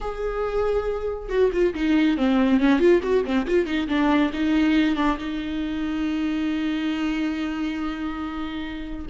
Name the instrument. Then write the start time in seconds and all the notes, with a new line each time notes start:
viola
0.00 G#4
1.29 F#4
1.52 F4
1.74 D#4
2.17 C4
2.59 C#4
2.79 F4
3.02 F#4
3.25 C4
3.46 F4
3.66 D#4
3.88 D4
4.33 D#4
4.96 D4
5.17 D#4